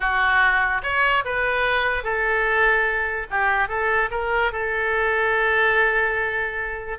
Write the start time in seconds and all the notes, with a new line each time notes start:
0.00 F#4
0.82 C#5
1.25 B4
2.03 A4
3.30 G4
3.68 A4
4.11 A#4
4.52 A4